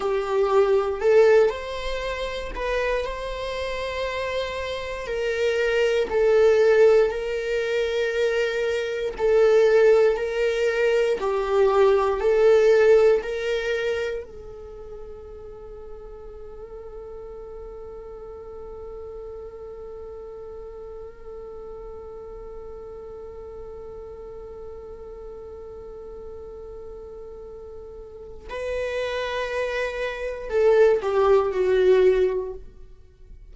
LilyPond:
\new Staff \with { instrumentName = "viola" } { \time 4/4 \tempo 4 = 59 g'4 a'8 c''4 b'8 c''4~ | c''4 ais'4 a'4 ais'4~ | ais'4 a'4 ais'4 g'4 | a'4 ais'4 a'2~ |
a'1~ | a'1~ | a'1 | b'2 a'8 g'8 fis'4 | }